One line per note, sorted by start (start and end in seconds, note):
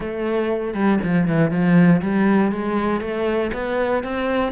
0.00 0.74 A3
0.74 0.99 G3
1.03 1.27 F3
1.27 1.50 E3
1.50 2.01 F3
2.01 2.51 G3
2.51 3.00 G#3
3.00 3.51 A3
3.53 4.03 B3
4.03 4.52 C4